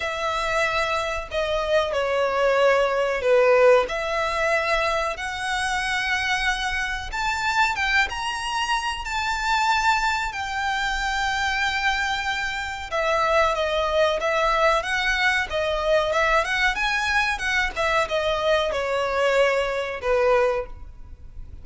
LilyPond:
\new Staff \with { instrumentName = "violin" } { \time 4/4 \tempo 4 = 93 e''2 dis''4 cis''4~ | cis''4 b'4 e''2 | fis''2. a''4 | g''8 ais''4. a''2 |
g''1 | e''4 dis''4 e''4 fis''4 | dis''4 e''8 fis''8 gis''4 fis''8 e''8 | dis''4 cis''2 b'4 | }